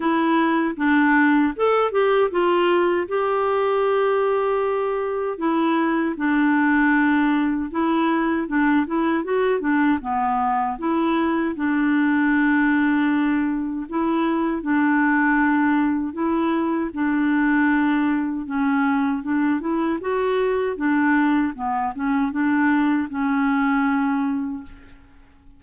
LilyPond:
\new Staff \with { instrumentName = "clarinet" } { \time 4/4 \tempo 4 = 78 e'4 d'4 a'8 g'8 f'4 | g'2. e'4 | d'2 e'4 d'8 e'8 | fis'8 d'8 b4 e'4 d'4~ |
d'2 e'4 d'4~ | d'4 e'4 d'2 | cis'4 d'8 e'8 fis'4 d'4 | b8 cis'8 d'4 cis'2 | }